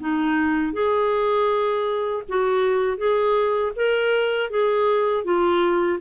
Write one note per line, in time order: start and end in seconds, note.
0.00 0.73 D#4
0.73 2.23 G#4
2.29 2.98 F#4
2.98 3.73 G#4
3.76 4.50 A#4
4.50 5.24 G#4
5.24 5.99 F4